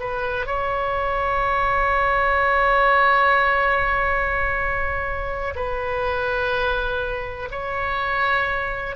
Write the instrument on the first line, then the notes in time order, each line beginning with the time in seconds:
oboe
0.00 B4
0.46 C#5
5.56 B4
7.51 C#5